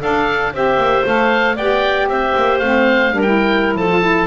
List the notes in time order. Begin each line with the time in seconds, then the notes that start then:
0.00 D4 A4 F5
0.53 C4 G4 C5 E5
0.77 A#3
1.05 A3 A4 F5
1.56 B3 G4 D5 G5
2.07 C4 C5 E5
2.36 A#3
2.59 A3 C4 F5
3.11 G3 D4 A#4
3.22 E4 G5
3.75 F3 A4 A5
3.89 F4
4.02 E4